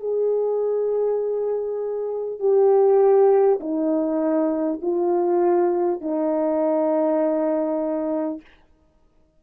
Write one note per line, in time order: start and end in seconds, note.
0.00 2.39 G#4
2.39 3.59 G4
3.61 4.81 D#4
4.82 6.01 F4
6.01 8.41 D#4